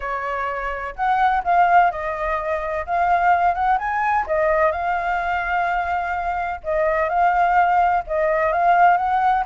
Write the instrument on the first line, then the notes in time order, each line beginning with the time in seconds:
flute
0.00 C#5
0.95 F#5
1.44 F5
1.91 D#5
2.86 F5
3.54 F#5
3.78 G#5
4.26 D#5
4.71 F5
6.63 D#5
7.09 F5
8.06 D#5
8.52 F5
8.97 F#5